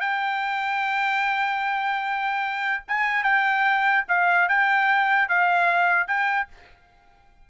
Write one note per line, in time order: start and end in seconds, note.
0.00 2.84 G5
2.88 3.23 G#5
3.23 4.04 G5
4.08 4.48 F5
4.48 5.29 G5
5.29 6.07 F5
6.07 6.48 G5